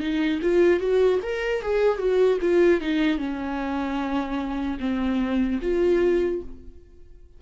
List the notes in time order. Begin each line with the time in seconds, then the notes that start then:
0.00 D#4
0.42 F4
0.80 F#4
1.22 A#4
1.62 G#4
1.98 F#4
2.41 F4
2.81 D#4
3.18 C#4
4.79 C4
5.61 F4